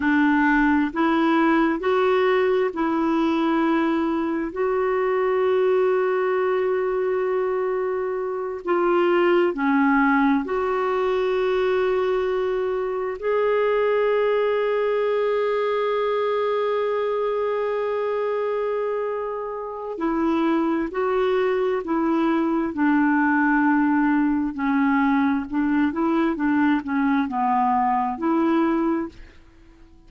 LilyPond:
\new Staff \with { instrumentName = "clarinet" } { \time 4/4 \tempo 4 = 66 d'4 e'4 fis'4 e'4~ | e'4 fis'2.~ | fis'4. f'4 cis'4 fis'8~ | fis'2~ fis'8 gis'4.~ |
gis'1~ | gis'2 e'4 fis'4 | e'4 d'2 cis'4 | d'8 e'8 d'8 cis'8 b4 e'4 | }